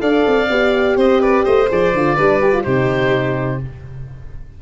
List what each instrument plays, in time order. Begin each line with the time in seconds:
0.00 tuba D4, horn A4, violin D5, oboe F5
0.27 tuba C4
0.50 tuba B3, horn G4
0.96 tuba C4, violin C5, oboe D#5
1.21 violin B4, oboe D5
1.45 tuba A3, violin C5, oboe D#5
1.69 tuba F3, horn G#4, oboe D5
1.94 tuba D3, horn F4
2.15 tuba G3, horn D4, violin B4
2.42 horn G4
2.53 horn F4
2.64 tuba C3, horn D#4, violin G4, oboe C5